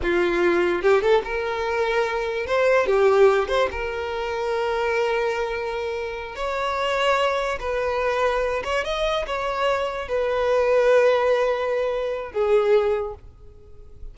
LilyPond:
\new Staff \with { instrumentName = "violin" } { \time 4/4 \tempo 4 = 146 f'2 g'8 a'8 ais'4~ | ais'2 c''4 g'4~ | g'8 c''8 ais'2.~ | ais'2.~ ais'8 cis''8~ |
cis''2~ cis''8 b'4.~ | b'4 cis''8 dis''4 cis''4.~ | cis''8 b'2.~ b'8~ | b'2 gis'2 | }